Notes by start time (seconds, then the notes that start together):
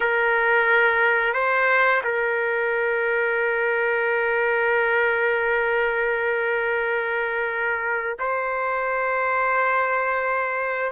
0.00 A#4
1.33 C5
2.04 A#4
8.19 C5